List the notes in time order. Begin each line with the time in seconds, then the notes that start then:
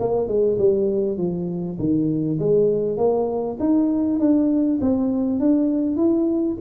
0.00 A#3
0.28 G#3
0.59 G3
1.18 F3
1.79 D#3
2.40 G#3
2.98 A#3
3.60 D#4
4.20 D4
4.82 C4
5.40 D4
5.97 E4